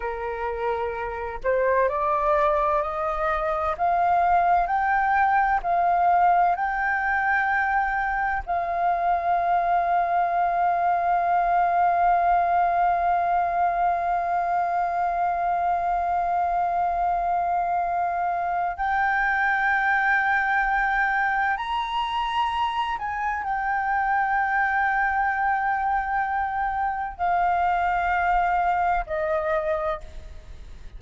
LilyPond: \new Staff \with { instrumentName = "flute" } { \time 4/4 \tempo 4 = 64 ais'4. c''8 d''4 dis''4 | f''4 g''4 f''4 g''4~ | g''4 f''2.~ | f''1~ |
f''1 | g''2. ais''4~ | ais''8 gis''8 g''2.~ | g''4 f''2 dis''4 | }